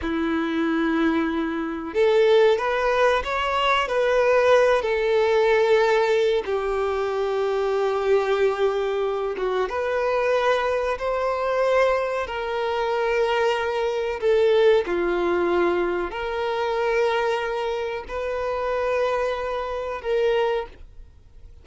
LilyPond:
\new Staff \with { instrumentName = "violin" } { \time 4/4 \tempo 4 = 93 e'2. a'4 | b'4 cis''4 b'4. a'8~ | a'2 g'2~ | g'2~ g'8 fis'8 b'4~ |
b'4 c''2 ais'4~ | ais'2 a'4 f'4~ | f'4 ais'2. | b'2. ais'4 | }